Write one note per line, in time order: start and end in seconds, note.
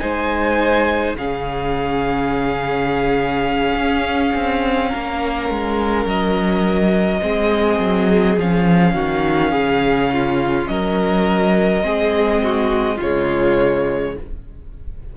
0.00 1.14 G#3
0.00 1.16 D#4
0.00 1.16 C5
0.00 1.15 G#5
1.14 3.74 C#3
1.14 7.21 C#4
1.14 4.88 G#4
1.14 6.08 F5
3.75 4.32 C#4
4.34 4.92 C4
4.88 7.19 A#4
4.94 5.49 A#3
5.49 6.05 G#3
6.05 7.20 F#3
6.05 8.38 D#5
7.21 7.79 G#3
7.21 8.36 C4
7.21 8.94 G#4
7.79 8.37 F#3
8.37 8.94 F3
8.37 11.81 C#4
8.37 10.67 F5
8.94 9.52 D#3
8.94 9.51 F#4
9.51 10.67 C#3
9.51 10.09 G#4
10.13 10.70 F4
10.67 11.83 F#3
10.67 11.84 A#4
10.67 12.98 D#5
11.81 12.98 G#3
11.81 12.97 C4
11.81 12.42 G#4
12.43 12.95 F#4
12.95 14.15 C#3
12.95 14.11 F4
12.95 14.16 C#5
13.02 14.17 G#3